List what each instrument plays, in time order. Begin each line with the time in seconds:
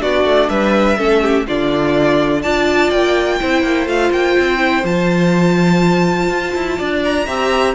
0.00 cello B3, viola D4, violin F#4 D5
0.25 cello A3
0.49 cello G3, violin B4 E5
0.97 cello A3, viola C#4, violin A4
1.22 violin G4
1.46 cello D3, viola D4, violin F4 D5
2.43 cello D4, viola F4, violin D5 A5
2.90 cello A#3, violin G5
3.40 cello C4, viola E4, violin C5
3.62 cello A#3
3.86 cello A3, viola F4, violin F5
4.12 cello A#3, violin G5
4.39 cello C4
4.58 viola E4
4.83 cello F3, viola F4, violin A5
6.29 cello F4
6.55 cello E4
6.78 cello D4, violin D5
7.04 violin A#5
7.26 cello C4, viola G4, violin E5